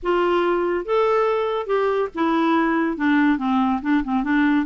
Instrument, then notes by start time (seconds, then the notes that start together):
clarinet
0.03 F4
0.85 A4
1.66 G4
2.14 E4
2.97 D4
3.38 C4
3.82 D4
4.03 C4
4.23 D4